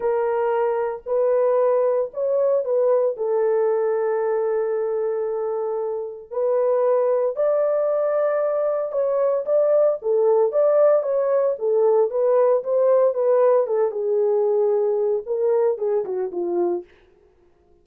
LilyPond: \new Staff \with { instrumentName = "horn" } { \time 4/4 \tempo 4 = 114 ais'2 b'2 | cis''4 b'4 a'2~ | a'1 | b'2 d''2~ |
d''4 cis''4 d''4 a'4 | d''4 cis''4 a'4 b'4 | c''4 b'4 a'8 gis'4.~ | gis'4 ais'4 gis'8 fis'8 f'4 | }